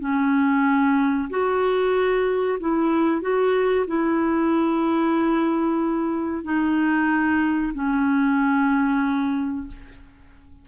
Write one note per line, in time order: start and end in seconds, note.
0.00 1.29 C#4
1.30 2.59 F#4
2.60 3.21 E4
3.21 3.86 F#4
3.87 6.44 E4
6.44 7.73 D#4
7.74 9.68 C#4